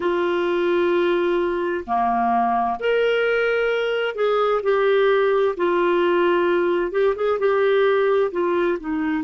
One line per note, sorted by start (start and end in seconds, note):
0.00 1.84 F4
1.86 2.79 A#3
2.79 4.15 A#4
4.15 4.61 G#4
4.62 5.55 G4
5.56 6.91 F4
6.91 7.14 G4
7.15 7.38 G#4
7.38 8.31 G4
8.31 8.77 F4
8.79 9.23 D#4